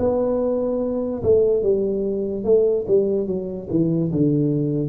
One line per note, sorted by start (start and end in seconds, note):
0.00 1.23 B3
1.23 1.63 A3
1.63 2.45 G3
2.45 2.86 A3
2.88 3.27 G3
3.27 3.68 F#3
3.70 4.11 E3
4.12 4.89 D3